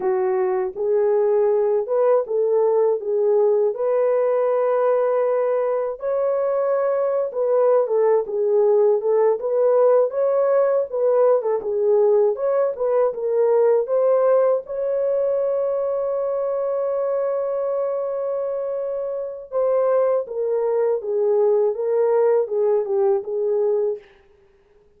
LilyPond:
\new Staff \with { instrumentName = "horn" } { \time 4/4 \tempo 4 = 80 fis'4 gis'4. b'8 a'4 | gis'4 b'2. | cis''4.~ cis''16 b'8. a'8 gis'4 | a'8 b'4 cis''4 b'8. a'16 gis'8~ |
gis'8 cis''8 b'8 ais'4 c''4 cis''8~ | cis''1~ | cis''2 c''4 ais'4 | gis'4 ais'4 gis'8 g'8 gis'4 | }